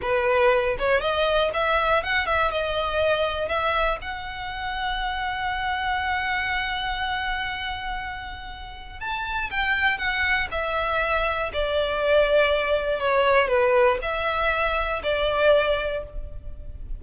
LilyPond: \new Staff \with { instrumentName = "violin" } { \time 4/4 \tempo 4 = 120 b'4. cis''8 dis''4 e''4 | fis''8 e''8 dis''2 e''4 | fis''1~ | fis''1~ |
fis''2 a''4 g''4 | fis''4 e''2 d''4~ | d''2 cis''4 b'4 | e''2 d''2 | }